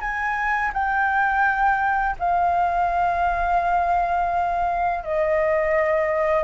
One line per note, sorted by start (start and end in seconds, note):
0.00 0.71 G#5
0.73 2.16 G5
2.19 5.04 F5
5.04 6.43 D#5